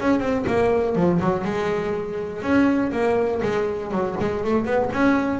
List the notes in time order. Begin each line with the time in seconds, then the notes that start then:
0.00 C#4
0.20 C4
0.47 A#3
0.95 F3
1.20 F#3
1.44 G#3
2.42 C#4
2.92 A#3
3.42 G#3
3.91 F#3
4.20 G#3
4.44 A3
4.65 B3
4.92 C#4